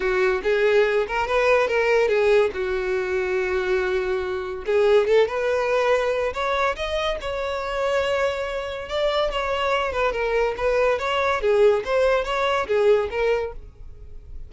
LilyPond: \new Staff \with { instrumentName = "violin" } { \time 4/4 \tempo 4 = 142 fis'4 gis'4. ais'8 b'4 | ais'4 gis'4 fis'2~ | fis'2. gis'4 | a'8 b'2~ b'8 cis''4 |
dis''4 cis''2.~ | cis''4 d''4 cis''4. b'8 | ais'4 b'4 cis''4 gis'4 | c''4 cis''4 gis'4 ais'4 | }